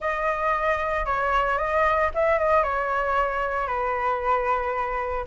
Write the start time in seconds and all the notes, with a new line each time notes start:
0.00 D#5
1.05 C#5
1.57 D#5
2.14 E5
2.39 D#5
2.63 C#5
3.67 B4